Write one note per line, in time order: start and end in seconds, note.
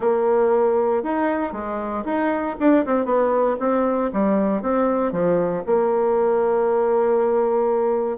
0.00 1.03 A#3
1.03 1.52 D#4
1.52 2.03 G#3
2.04 2.55 D#4
2.59 2.85 D4
2.85 3.05 C4
3.05 3.56 B3
3.59 4.10 C4
4.12 4.62 G3
4.62 5.11 C4
5.11 5.63 F3
5.66 8.17 A#3